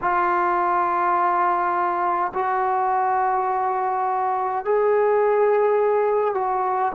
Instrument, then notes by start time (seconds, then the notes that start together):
trombone
0.01 F4
2.34 F#4
4.65 G#4
6.34 F#4